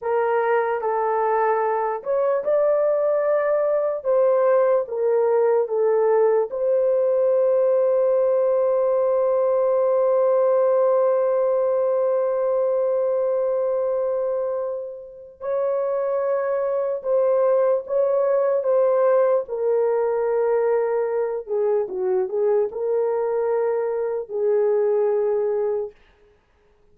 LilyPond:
\new Staff \with { instrumentName = "horn" } { \time 4/4 \tempo 4 = 74 ais'4 a'4. cis''8 d''4~ | d''4 c''4 ais'4 a'4 | c''1~ | c''1~ |
c''2. cis''4~ | cis''4 c''4 cis''4 c''4 | ais'2~ ais'8 gis'8 fis'8 gis'8 | ais'2 gis'2 | }